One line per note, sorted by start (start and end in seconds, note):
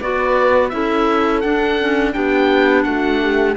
0.00 0.73 B3
0.00 0.72 F#4
0.00 0.71 B4
0.00 0.69 D5
0.69 1.44 C#4
0.69 1.43 E4
0.69 2.15 A4
0.69 1.41 E5
1.41 1.79 D4
1.41 2.16 D4
1.41 2.12 F#5
1.80 2.13 C#4
2.13 2.85 B3
2.13 3.56 D4
2.13 2.86 G4
2.13 2.83 G5
2.83 3.57 A3
2.83 3.22 F#4
2.83 3.55 F#5
3.22 3.57 G4